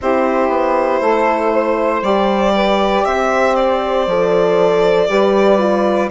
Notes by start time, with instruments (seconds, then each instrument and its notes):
0.01 bassoon C4, horn E4, saxophone G4, violin C5
0.49 bassoon B3
1.01 bassoon A3, saxophone A4
1.51 saxophone C5
2.02 bassoon G3, horn G4, violin D5
2.54 saxophone B4
3.04 bassoon C4, saxophone C5, violin E5
3.55 violin D5
4.07 bassoon F3, horn A4
5.09 bassoon G3, horn G4, saxophone B4
5.58 horn F4